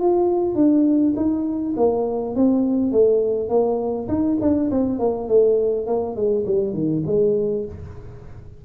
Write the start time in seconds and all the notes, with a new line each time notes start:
0.00 F4
0.55 D4
1.16 D#4
1.77 A#3
2.36 C4
2.92 A3
3.49 A#3
4.08 D#4
4.41 D4
4.71 C4
4.99 A#3
5.28 A3
5.87 A#3
6.16 G#3
6.46 G3
6.74 D#3
7.06 G#3